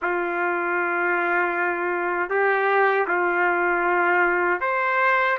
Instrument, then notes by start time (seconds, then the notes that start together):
trumpet
0.02 F4
2.30 G4
3.07 F4
4.60 C5